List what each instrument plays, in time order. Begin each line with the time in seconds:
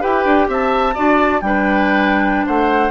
0.00 bassoon E4, clarinet G4, oboe B4, flute G5
0.25 bassoon D4
0.48 bassoon C4, oboe E5, flute A5
0.94 bassoon D4, clarinet F#4, oboe D5
1.41 bassoon G3, clarinet D4, oboe B4, flute G5
2.46 bassoon A3, oboe C5, flute F#5